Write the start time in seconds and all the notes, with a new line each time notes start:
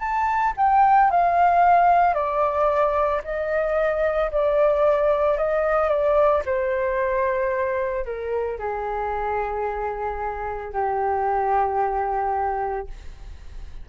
0.00 A5
0.57 G5
1.11 F5
2.14 D5
3.24 D#5
4.31 D5
5.38 D#5
5.89 D5
6.46 C5
8.05 A#4
8.59 G#4
10.73 G4